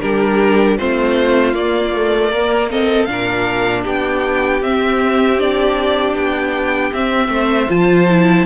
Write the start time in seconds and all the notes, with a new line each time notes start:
0.00 G3 D4 G4 A#4
0.77 A3 C4 F4 C5
1.53 A#3 D5
1.95 A3
2.30 A#3 A#4
2.70 C4 A4 D#5
3.04 A#2 D4 F5
3.11 A#4
3.83 B3 G4 G5
4.62 C4 E5
5.38 D4 D5
6.14 B3 G5
6.93 C4 E5
7.28 A3 C5
7.68 F3 F4 A5
8.09 E4